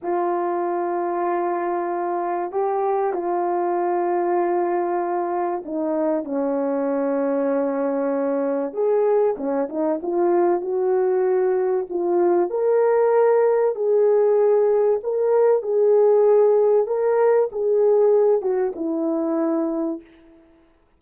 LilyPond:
\new Staff \with { instrumentName = "horn" } { \time 4/4 \tempo 4 = 96 f'1 | g'4 f'2.~ | f'4 dis'4 cis'2~ | cis'2 gis'4 cis'8 dis'8 |
f'4 fis'2 f'4 | ais'2 gis'2 | ais'4 gis'2 ais'4 | gis'4. fis'8 e'2 | }